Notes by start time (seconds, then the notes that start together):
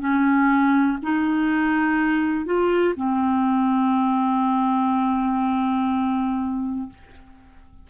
0.00 C#4
1.03 D#4
2.45 F4
2.96 C4